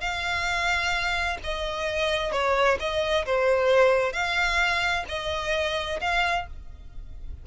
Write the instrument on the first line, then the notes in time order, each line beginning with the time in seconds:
violin
0.00 F5
1.43 D#5
2.32 C#5
2.79 D#5
3.25 C5
4.12 F5
5.08 D#5
6.01 F5